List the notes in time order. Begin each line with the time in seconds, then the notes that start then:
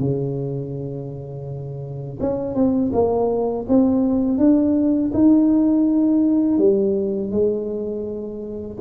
0.00 C#3
2.21 C#4
2.55 C4
2.93 A#3
3.69 C4
4.38 D4
5.14 D#4
6.59 G3
7.31 G#3